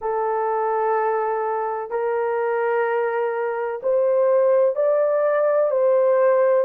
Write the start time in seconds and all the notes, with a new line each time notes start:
0.01 A4
1.90 A#4
3.83 C5
4.75 D5
5.71 C5